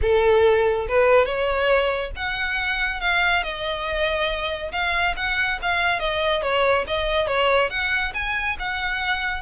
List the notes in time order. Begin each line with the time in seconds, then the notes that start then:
0.01 A4
0.88 B4
1.25 C#5
2.15 F#5
3.00 F5
3.43 D#5
4.72 F5
5.16 F#5
5.61 F5
5.99 D#5
6.42 C#5
6.87 D#5
7.27 C#5
7.70 F#5
8.14 G#5
8.59 F#5